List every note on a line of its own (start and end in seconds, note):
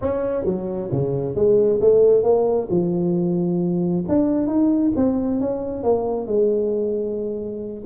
0.01 0.45 C#4
0.45 0.89 F#3
0.91 1.35 C#3
1.35 1.79 G#3
1.80 2.23 A3
2.23 2.67 A#3
2.70 4.04 F3
4.08 4.47 D4
4.47 4.92 D#4
4.95 5.40 C4
5.40 5.83 C#4
5.83 6.26 A#3
6.26 7.83 G#3